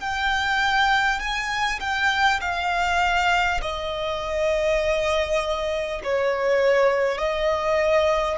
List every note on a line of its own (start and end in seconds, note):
0.00 1.20 G5
1.20 1.80 G#5
1.81 2.41 G5
2.41 3.61 F5
3.62 6.02 D#5
6.04 7.18 C#5
7.18 8.38 D#5